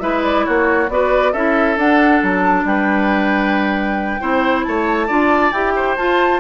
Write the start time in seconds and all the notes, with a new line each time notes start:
0.00 G#3 E4 B4 E5
0.23 D5
0.45 A#3 F#4 C#5
0.89 B3 F#4 B4 D5
1.32 C#4 E4 A4 E5
1.77 D4 F#5
2.22 F#3 A5
2.64 G3 B4 G5
4.20 C4 E4 C5
4.64 A3 C#5 A5
5.07 D4 F4 D5
5.52 E4 G4 G5
5.76 C5
5.97 F4 A5